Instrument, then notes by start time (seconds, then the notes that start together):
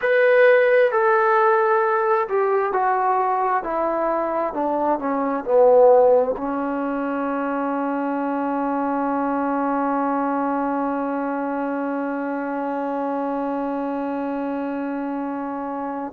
trombone
0.01 B4
0.91 A4
2.28 G4
2.72 F#4
3.63 E4
4.53 D4
4.99 C#4
5.44 B3
6.37 C#4